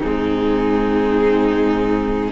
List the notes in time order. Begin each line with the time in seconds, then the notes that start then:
0.00 G#2 C4 D#4 G#4